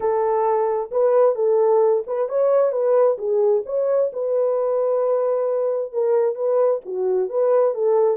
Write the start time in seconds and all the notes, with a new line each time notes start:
0.00 A4
0.91 B4
1.35 A4
2.06 B4
2.28 C#5
2.71 B4
3.17 G#4
3.65 C#5
4.12 B4
5.92 A#4
6.35 B4
6.85 F#4
7.29 B4
7.74 A4